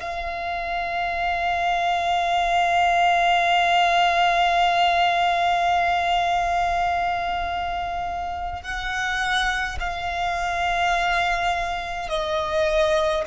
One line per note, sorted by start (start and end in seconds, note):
0.00 8.63 F5
8.63 9.78 F#5
9.80 12.09 F5
12.09 13.24 D#5